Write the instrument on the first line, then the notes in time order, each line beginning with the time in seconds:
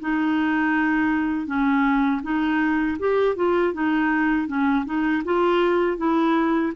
clarinet
0.00 D#4
1.46 C#4
2.23 D#4
2.99 G4
3.36 F4
3.73 D#4
4.47 C#4
4.85 D#4
5.24 F4
5.97 E4